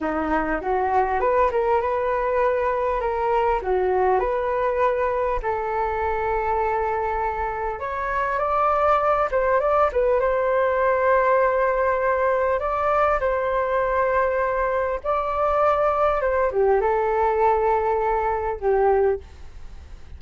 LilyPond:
\new Staff \with { instrumentName = "flute" } { \time 4/4 \tempo 4 = 100 dis'4 fis'4 b'8 ais'8 b'4~ | b'4 ais'4 fis'4 b'4~ | b'4 a'2.~ | a'4 cis''4 d''4. c''8 |
d''8 b'8 c''2.~ | c''4 d''4 c''2~ | c''4 d''2 c''8 g'8 | a'2. g'4 | }